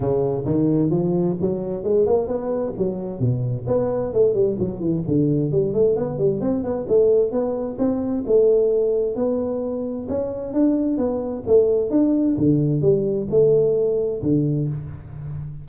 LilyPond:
\new Staff \with { instrumentName = "tuba" } { \time 4/4 \tempo 4 = 131 cis4 dis4 f4 fis4 | gis8 ais8 b4 fis4 b,4 | b4 a8 g8 fis8 e8 d4 | g8 a8 b8 g8 c'8 b8 a4 |
b4 c'4 a2 | b2 cis'4 d'4 | b4 a4 d'4 d4 | g4 a2 d4 | }